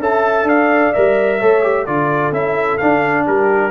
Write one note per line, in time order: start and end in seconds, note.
0.00 0.44 C#4
0.00 0.94 A4
0.00 0.48 E5
0.00 0.48 A5
0.44 0.90 D4
0.44 1.39 D5
0.44 0.93 F5
0.93 1.42 G3
0.93 1.41 A#4
0.93 1.86 E5
1.39 1.88 A3
1.39 1.63 A4
1.39 1.86 C#5
1.63 1.86 G4
1.86 2.32 D3
1.86 2.33 F4
1.86 3.25 A4
1.86 2.33 D5
2.32 2.78 C#4
2.32 2.80 E4
2.32 2.78 E5
2.78 3.72 D4
2.78 3.28 D4
2.78 3.24 F5
3.25 3.72 G3
3.25 3.72 G4
3.25 3.72 A#4